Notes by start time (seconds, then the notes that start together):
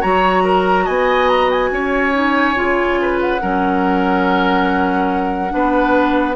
0.00 F#3 F#4 C#5 A#5
0.44 A#4
0.85 B3 D#5 G#5
1.29 A#5
1.50 G#5
1.71 C#4 C#5
2.12 D#4
2.55 C#3 F4
3.01 B4
3.21 F#5
3.40 F#3 C#4 A#4
5.49 B3 D4 B4